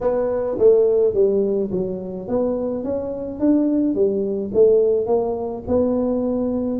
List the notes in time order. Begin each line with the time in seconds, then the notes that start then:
0.01 B3
0.58 A3
1.13 G3
1.71 F#3
2.28 B3
2.84 C#4
3.39 D4
3.94 G3
4.54 A3
5.06 A#3
5.67 B3